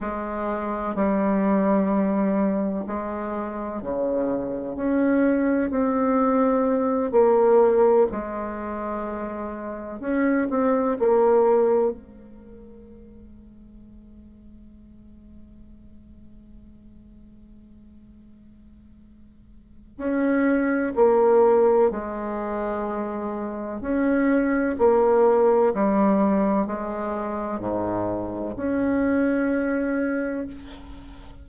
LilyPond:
\new Staff \with { instrumentName = "bassoon" } { \time 4/4 \tempo 4 = 63 gis4 g2 gis4 | cis4 cis'4 c'4. ais8~ | ais8 gis2 cis'8 c'8 ais8~ | ais8 gis2.~ gis8~ |
gis1~ | gis4 cis'4 ais4 gis4~ | gis4 cis'4 ais4 g4 | gis4 gis,4 cis'2 | }